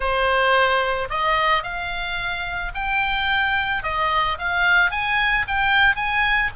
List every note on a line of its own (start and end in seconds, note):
0.00 1.08 C5
1.09 1.63 D#5
1.63 2.72 F5
2.74 3.83 G5
3.83 4.38 D#5
4.38 4.91 F5
4.91 5.45 G#5
5.47 5.95 G5
5.95 6.50 G#5